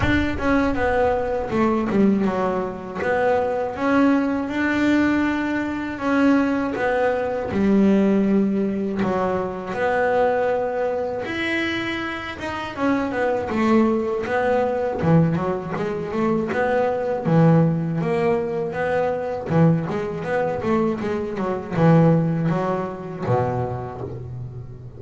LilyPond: \new Staff \with { instrumentName = "double bass" } { \time 4/4 \tempo 4 = 80 d'8 cis'8 b4 a8 g8 fis4 | b4 cis'4 d'2 | cis'4 b4 g2 | fis4 b2 e'4~ |
e'8 dis'8 cis'8 b8 a4 b4 | e8 fis8 gis8 a8 b4 e4 | ais4 b4 e8 gis8 b8 a8 | gis8 fis8 e4 fis4 b,4 | }